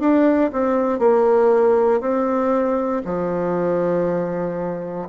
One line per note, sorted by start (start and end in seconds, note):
0.00 0.51 D4
0.53 0.99 C4
0.99 2.01 A#3
2.01 3.02 C4
3.06 5.09 F3